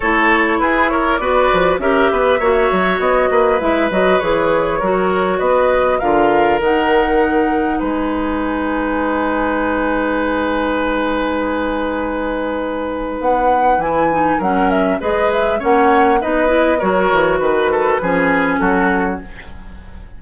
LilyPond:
<<
  \new Staff \with { instrumentName = "flute" } { \time 4/4 \tempo 4 = 100 cis''4 b'8 cis''8 d''4 e''4~ | e''4 dis''4 e''8 dis''8 cis''4~ | cis''4 dis''4 f''4 fis''4~ | fis''4 gis''2.~ |
gis''1~ | gis''2 fis''4 gis''4 | fis''8 e''8 dis''8 e''8 fis''4 dis''4 | cis''4 b'2 a'4 | }
  \new Staff \with { instrumentName = "oboe" } { \time 4/4 a'4 gis'8 ais'8 b'4 ais'8 b'8 | cis''4. b'2~ b'8 | ais'4 b'4 ais'2~ | ais'4 b'2.~ |
b'1~ | b'1 | ais'4 b'4 cis''4 b'4 | ais'4 b'8 a'8 gis'4 fis'4 | }
  \new Staff \with { instrumentName = "clarinet" } { \time 4/4 e'2 fis'4 g'4 | fis'2 e'8 fis'8 gis'4 | fis'2 f'4 dis'4~ | dis'1~ |
dis'1~ | dis'2. e'8 dis'8 | cis'4 gis'4 cis'4 dis'8 e'8 | fis'2 cis'2 | }
  \new Staff \with { instrumentName = "bassoon" } { \time 4/4 a4 e'4 b8 f8 cis'8 b8 | ais8 fis8 b8 ais8 gis8 fis8 e4 | fis4 b4 d4 dis4~ | dis4 gis2.~ |
gis1~ | gis2 b4 e4 | fis4 gis4 ais4 b4 | fis8 e8 dis4 f4 fis4 | }
>>